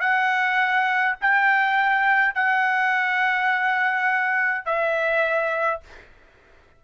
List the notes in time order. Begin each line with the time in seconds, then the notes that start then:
0.00 F#5
1.21 G5
2.34 F#5
4.65 E5